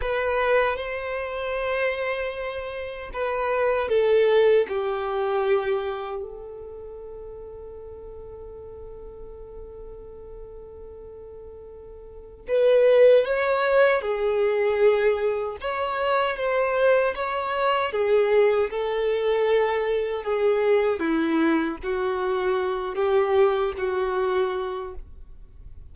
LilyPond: \new Staff \with { instrumentName = "violin" } { \time 4/4 \tempo 4 = 77 b'4 c''2. | b'4 a'4 g'2 | a'1~ | a'1 |
b'4 cis''4 gis'2 | cis''4 c''4 cis''4 gis'4 | a'2 gis'4 e'4 | fis'4. g'4 fis'4. | }